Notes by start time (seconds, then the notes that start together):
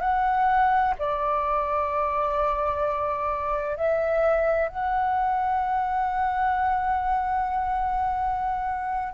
0.00 F#5
0.98 D5
3.76 E5
4.68 F#5